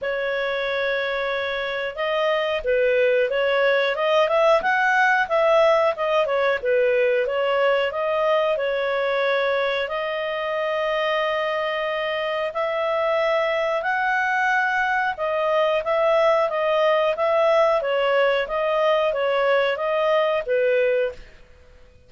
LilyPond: \new Staff \with { instrumentName = "clarinet" } { \time 4/4 \tempo 4 = 91 cis''2. dis''4 | b'4 cis''4 dis''8 e''8 fis''4 | e''4 dis''8 cis''8 b'4 cis''4 | dis''4 cis''2 dis''4~ |
dis''2. e''4~ | e''4 fis''2 dis''4 | e''4 dis''4 e''4 cis''4 | dis''4 cis''4 dis''4 b'4 | }